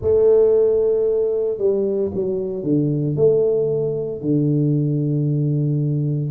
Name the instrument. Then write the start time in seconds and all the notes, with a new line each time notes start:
tuba
0.01 A3
1.58 G3
2.14 F#3
2.63 D3
3.16 A3
4.21 D3